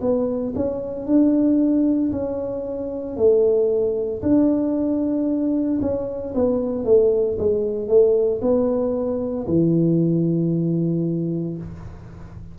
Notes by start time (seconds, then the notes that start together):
0.00 B3
0.55 C#4
1.06 D4
2.11 C#4
3.16 A3
4.22 D4
5.81 C#4
6.34 B3
6.84 A3
7.38 G#3
7.88 A3
8.41 B3
9.46 E3